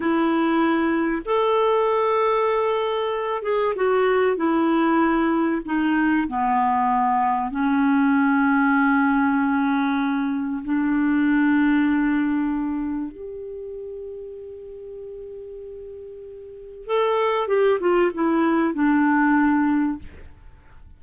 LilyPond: \new Staff \with { instrumentName = "clarinet" } { \time 4/4 \tempo 4 = 96 e'2 a'2~ | a'4. gis'8 fis'4 e'4~ | e'4 dis'4 b2 | cis'1~ |
cis'4 d'2.~ | d'4 g'2.~ | g'2. a'4 | g'8 f'8 e'4 d'2 | }